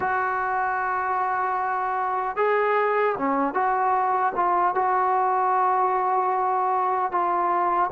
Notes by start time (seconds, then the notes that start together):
0.00 F#4
2.36 G#4
3.18 C#4
3.53 F#4
4.35 F4
4.74 F#4
7.11 F4